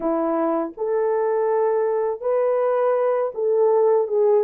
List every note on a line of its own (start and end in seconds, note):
0.00 0.72 E4
0.77 2.21 A4
2.21 3.32 B4
3.34 4.07 A4
4.07 4.43 G#4